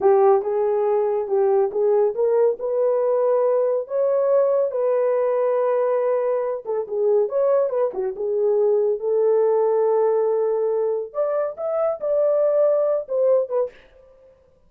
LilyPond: \new Staff \with { instrumentName = "horn" } { \time 4/4 \tempo 4 = 140 g'4 gis'2 g'4 | gis'4 ais'4 b'2~ | b'4 cis''2 b'4~ | b'2.~ b'8 a'8 |
gis'4 cis''4 b'8 fis'8 gis'4~ | gis'4 a'2.~ | a'2 d''4 e''4 | d''2~ d''8 c''4 b'8 | }